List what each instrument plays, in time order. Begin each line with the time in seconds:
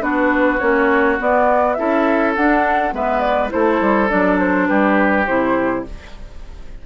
0.00 bassoon B3, clarinet D4, oboe F#4, flute B4
0.59 bassoon A#3, clarinet C#4, flute C#5
1.18 clarinet B3, bassoon B3, flute D5
1.73 bassoon C#4, clarinet E4, oboe A4, flute E5
2.35 bassoon D4, clarinet D4, flute F#5
2.92 bassoon G#3, clarinet B3, oboe B4, flute E5
3.19 flute D5
3.49 bassoon A3, clarinet E4, oboe A4, flute C5
3.80 bassoon G3
4.08 bassoon F#3, clarinet D4, flute D5
4.39 flute C5
4.66 bassoon G3, oboe G4, flute B4
5.25 bassoon C3, clarinet E4, flute C5